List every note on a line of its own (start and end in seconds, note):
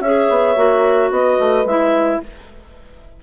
0.00 0.27 C#4
0.00 0.56 G#4
0.00 1.10 C#5
0.00 1.10 E5
0.30 0.56 B3
0.56 1.10 A#3
0.56 1.65 F#4
1.10 1.38 B3
1.10 2.21 B4
1.10 1.66 D#5
1.39 1.65 A3
1.65 2.19 G#3
1.65 2.22 E4
1.65 2.21 E5